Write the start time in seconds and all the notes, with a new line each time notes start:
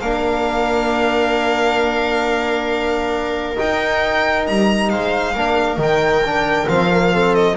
0.00 A#3 D4 A#4 F5
3.56 D#4 G5
4.47 G3 A#5
4.89 G#3 C5 F5
5.34 A#3 D4 A#4
5.77 D#3 D#4 G5
6.25 D4
6.68 F3 C4 F5
6.92 A#3
7.13 C4 A4
7.35 D#5